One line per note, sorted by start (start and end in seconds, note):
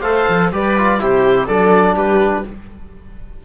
0.00 0.25 A3
0.00 0.51 A4
0.00 0.48 C5
0.00 0.49 F5
0.28 0.52 F3
0.52 1.00 G3
0.52 0.76 G4
0.52 1.00 B4
0.52 1.02 D5
0.77 0.99 F4
0.99 1.48 C3
0.99 1.47 E4
0.99 1.45 G4
0.99 1.47 C5
1.45 1.95 F#3
1.45 2.45 D4
1.45 1.94 A4
1.45 1.95 D5
1.95 2.43 G3
1.95 2.43 G4
1.95 2.44 B4